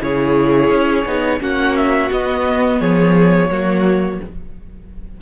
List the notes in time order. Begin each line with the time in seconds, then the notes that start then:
0.00 C#3 E4 G#4 C#5
0.70 C#4
1.05 B3 D#4
1.40 A#3 C#4 F#4 F#5
1.76 E5
2.11 B3 D#5
2.79 F3 G#4 C#5
3.50 F#3 A#3 F#4